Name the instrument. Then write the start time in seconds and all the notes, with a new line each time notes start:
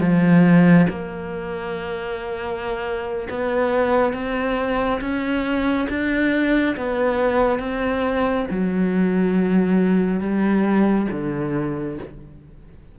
cello
0.00 F3
0.89 A#3
3.30 B3
4.13 C4
5.01 C#4
5.89 D4
6.77 B3
7.59 C4
8.51 F#3
10.21 G3
11.11 D3